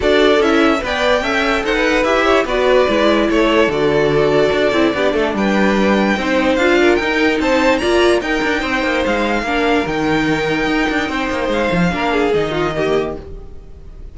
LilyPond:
<<
  \new Staff \with { instrumentName = "violin" } { \time 4/4 \tempo 4 = 146 d''4 e''4 g''2 | fis''4 e''4 d''2 | cis''4 d''2.~ | d''4 g''2. |
f''4 g''4 a''4 ais''4 | g''2 f''2 | g''1 | f''2 dis''2 | }
  \new Staff \with { instrumentName = "violin" } { \time 4/4 a'2 d''4 e''4 | c''16 b'4~ b'16 cis''8 b'2 | a'1 | g'8 a'8 b'2 c''4~ |
c''8 ais'4. c''4 d''4 | ais'4 c''2 ais'4~ | ais'2. c''4~ | c''4 ais'8 gis'4 f'8 g'4 | }
  \new Staff \with { instrumentName = "viola" } { \time 4/4 fis'4 e'4 b'4 a'4~ | a'4 g'4 fis'4 e'4~ | e'4 fis'2~ fis'8 e'8 | d'2. dis'4 |
f'4 dis'2 f'4 | dis'2. d'4 | dis'1~ | dis'4 d'4 dis'4 ais4 | }
  \new Staff \with { instrumentName = "cello" } { \time 4/4 d'4 cis'4 b4 cis'4 | dis'4 e'4 b4 gis4 | a4 d2 d'8 c'8 | b8 a8 g2 c'4 |
d'4 dis'4 c'4 ais4 | dis'8 d'8 c'8 ais8 gis4 ais4 | dis2 dis'8 d'8 c'8 ais8 | gis8 f8 ais4 dis2 | }
>>